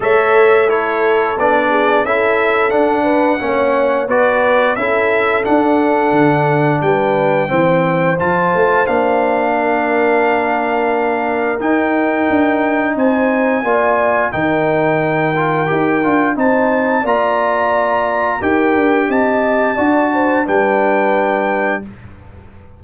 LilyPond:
<<
  \new Staff \with { instrumentName = "trumpet" } { \time 4/4 \tempo 4 = 88 e''4 cis''4 d''4 e''4 | fis''2 d''4 e''4 | fis''2 g''2 | a''4 f''2.~ |
f''4 g''2 gis''4~ | gis''4 g''2. | a''4 ais''2 g''4 | a''2 g''2 | }
  \new Staff \with { instrumentName = "horn" } { \time 4/4 cis''4 a'4. gis'8 a'4~ | a'8 b'8 cis''4 b'4 a'4~ | a'2 b'4 c''4~ | c''2 ais'2~ |
ais'2. c''4 | d''4 ais'2. | c''4 d''2 ais'4 | dis''4 d''8 c''8 b'2 | }
  \new Staff \with { instrumentName = "trombone" } { \time 4/4 a'4 e'4 d'4 e'4 | d'4 cis'4 fis'4 e'4 | d'2. c'4 | f'4 d'2.~ |
d'4 dis'2. | f'4 dis'4. f'8 g'8 f'8 | dis'4 f'2 g'4~ | g'4 fis'4 d'2 | }
  \new Staff \with { instrumentName = "tuba" } { \time 4/4 a2 b4 cis'4 | d'4 ais4 b4 cis'4 | d'4 d4 g4 e4 | f8 a8 ais2.~ |
ais4 dis'4 d'4 c'4 | ais4 dis2 dis'8 d'8 | c'4 ais2 dis'8 d'8 | c'4 d'4 g2 | }
>>